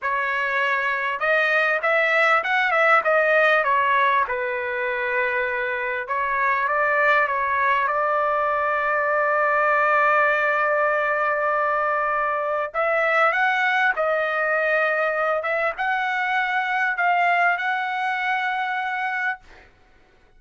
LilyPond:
\new Staff \with { instrumentName = "trumpet" } { \time 4/4 \tempo 4 = 99 cis''2 dis''4 e''4 | fis''8 e''8 dis''4 cis''4 b'4~ | b'2 cis''4 d''4 | cis''4 d''2.~ |
d''1~ | d''4 e''4 fis''4 dis''4~ | dis''4. e''8 fis''2 | f''4 fis''2. | }